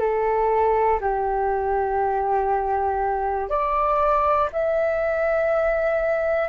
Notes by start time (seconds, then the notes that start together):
0.00 A4
1.01 G4
3.50 D5
4.53 E5